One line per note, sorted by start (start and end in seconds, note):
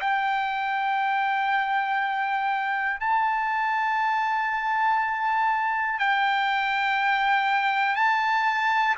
0.00 3.00 G5
3.00 5.99 A5
5.99 7.95 G5
7.95 8.95 A5